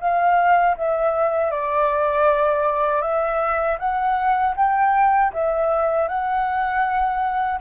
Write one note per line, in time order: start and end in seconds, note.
0.00 0.76 F5
0.77 1.51 E5
1.51 3.01 D5
3.01 3.77 E5
3.79 4.55 F#5
4.56 5.32 G5
5.33 6.08 E5
6.08 7.59 F#5